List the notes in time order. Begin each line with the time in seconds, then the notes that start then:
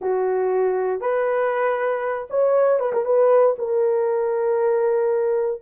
0.01 F#4
1.00 B4
2.30 C#5
2.79 B4
2.92 A#4
3.05 B4
3.58 A#4